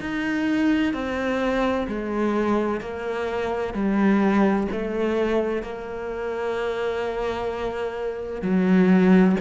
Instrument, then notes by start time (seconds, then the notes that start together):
cello
0.00 D#4
0.93 C4
1.87 G#3
2.80 A#3
3.73 G3
4.71 A3
5.62 A#3
8.42 F#3